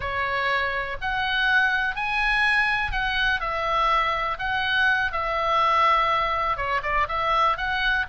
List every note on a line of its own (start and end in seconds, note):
0.00 0.97 C#5
1.01 1.95 F#5
1.95 2.91 G#5
2.91 3.40 F#5
3.40 4.37 E5
4.38 5.12 F#5
5.12 6.57 E5
6.57 6.81 C#5
6.82 7.07 D5
7.08 7.57 E5
7.57 8.06 F#5